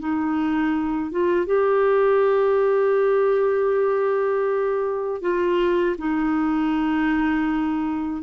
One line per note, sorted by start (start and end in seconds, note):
0.00 1.11 D#4
1.11 1.46 F4
1.46 5.21 G4
5.21 5.96 F4
5.98 8.23 D#4